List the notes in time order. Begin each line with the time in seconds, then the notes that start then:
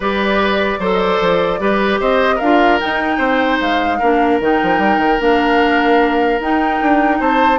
0.00 G3 G4 B4 D5
0.78 F#3 A4 C5
0.93 D#5
0.99 D5
1.21 F3
1.59 G3 G4 B4
2.00 C4 C5 D#5
2.35 D4 A#4 F5
2.43 F4
2.80 D#4 G5
3.18 C4 C5
3.60 G#3 F5
3.99 A#3 D4 A#4
4.40 D#3 D#4 G5
4.62 F3
4.78 G3
4.97 D#3
5.19 A#3 D4 F5
6.39 D#4 G5
6.81 D4
7.19 C4 C5 A5